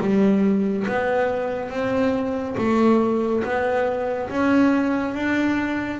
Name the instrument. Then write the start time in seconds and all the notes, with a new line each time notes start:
double bass
0.00 G3
0.87 B3
1.69 C4
2.57 A3
3.43 B3
4.29 C#4
5.14 D4